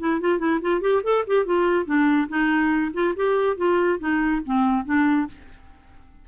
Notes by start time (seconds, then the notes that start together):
0.00 E4
0.21 F4
0.39 E4
0.62 F4
0.82 G4
1.04 A4
1.28 G4
1.46 F4
1.86 D4
2.29 D#4
2.94 F4
3.17 G4
3.57 F4
4.00 D#4
4.46 C4
4.86 D4